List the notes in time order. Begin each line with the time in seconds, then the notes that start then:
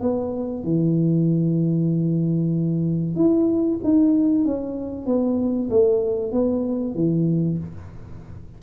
0.00 B3
0.63 E3
3.15 E4
3.83 D#4
4.44 C#4
5.06 B3
5.70 A3
6.32 B3
6.94 E3